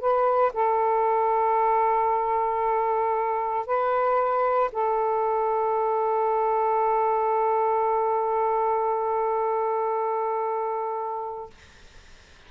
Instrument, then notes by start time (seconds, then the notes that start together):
saxophone
0.00 B4
0.53 A4
3.66 B4
4.72 A4